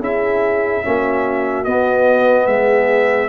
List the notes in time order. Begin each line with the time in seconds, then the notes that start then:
0.00 C#4 E4 G#4 E5
0.83 A#3 C#4 F#4
1.64 B3 D#5
2.47 G#3 G#4 E5